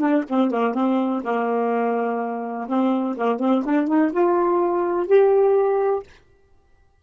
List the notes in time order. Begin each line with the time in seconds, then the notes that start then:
0.00 D4
0.29 C4
0.51 A#3
0.75 C4
1.23 A#3
2.68 C4
3.17 A#3
3.39 C4
3.65 D4
3.87 D#4
4.12 F4
5.07 G4